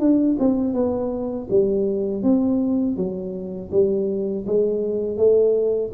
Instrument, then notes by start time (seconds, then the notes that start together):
tuba
0.00 D4
0.39 C4
0.74 B3
1.50 G3
2.23 C4
2.97 F#3
3.72 G3
4.47 G#3
5.18 A3